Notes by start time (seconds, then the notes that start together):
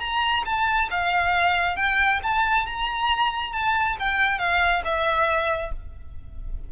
0.00 A#5
0.46 A5
0.91 F5
1.77 G5
2.23 A5
2.67 A#5
3.53 A5
4.00 G5
4.39 F5
4.85 E5